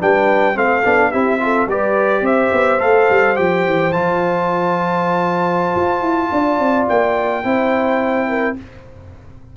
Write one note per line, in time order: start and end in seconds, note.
0.00 0.57 G3
0.00 0.54 D4
0.00 0.57 B4
0.00 0.58 G5
0.54 0.85 A3
0.54 0.82 C4
0.54 1.11 A4
0.54 1.12 F5
0.85 1.13 B3
0.85 1.12 D4
1.11 1.68 C4
1.11 1.40 E4
1.11 1.39 G4
1.11 1.68 E5
1.40 1.68 F4
1.40 1.70 A4
1.68 2.22 G3
1.68 2.80 G4
1.68 2.23 B4
1.68 2.26 D5
2.22 2.50 C4
2.22 6.30 C5
2.22 2.81 E5
2.53 2.80 B3
2.80 3.09 A3
2.80 3.36 A4
2.80 3.37 F5
3.10 3.38 G3
3.36 3.67 F3
3.36 3.92 G4
3.36 3.92 G5
3.67 3.93 E3
3.92 5.76 F3
3.92 7.44 F4
3.92 6.87 A5
5.76 6.02 F4
6.02 6.30 E4
6.32 6.60 D4
6.32 7.46 D5
6.60 6.88 C4
6.89 7.45 A#3
6.89 8.57 G5
7.44 8.57 C4
7.44 8.56 E4
7.44 8.29 C5
8.29 8.57 A#4